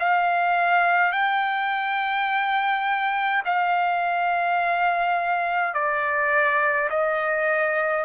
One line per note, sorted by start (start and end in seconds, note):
0.00 1.12 F5
1.12 3.43 G5
3.46 5.74 F5
5.74 6.90 D5
6.90 8.05 D#5